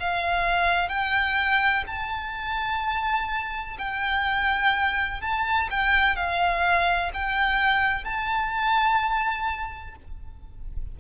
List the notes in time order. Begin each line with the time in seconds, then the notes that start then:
0.00 F5
0.89 G5
1.87 A5
3.79 G5
5.21 A5
5.71 G5
6.16 F5
7.14 G5
8.05 A5